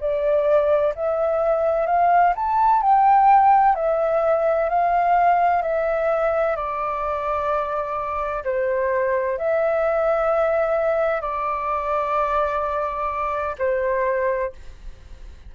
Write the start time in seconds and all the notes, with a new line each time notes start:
0.00 D5
0.95 E5
1.87 F5
2.36 A5
2.82 G5
3.75 E5
4.69 F5
5.62 E5
6.56 D5
8.45 C5
9.38 E5
11.22 D5
13.59 C5